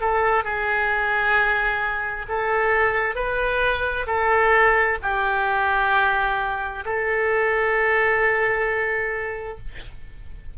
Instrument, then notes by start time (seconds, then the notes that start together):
oboe
0.00 A4
0.44 G#4
2.28 A4
3.15 B4
4.07 A4
5.02 G4
6.85 A4